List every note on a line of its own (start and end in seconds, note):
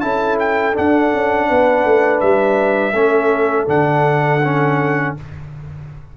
0.00 0.76 C#4
0.00 0.73 E4
0.00 1.48 A4
0.00 0.37 A5
0.39 0.76 G5
0.73 2.93 D4
0.73 1.13 D4
0.73 2.20 F#5
1.13 1.50 C#4
1.48 1.84 B3
1.48 2.94 B4
1.84 2.21 A3
2.20 2.92 G3
2.20 3.66 E5
2.92 3.65 A3
2.92 3.67 C#4
2.92 5.16 A4
3.67 5.14 D3
3.67 4.40 D4
3.67 5.15 F#5
4.44 5.17 C#4